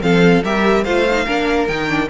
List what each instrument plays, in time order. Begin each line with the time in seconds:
0.00 cello F3, viola C4, violin A4 F5
0.43 cello G3, viola G4, violin A#4 E5
0.84 cello A3, viola F4, violin C5 F5
1.11 viola D#4
1.25 cello A#3, viola D4, violin A#4
1.67 cello D#3, viola D#4, violin G5
1.88 viola D4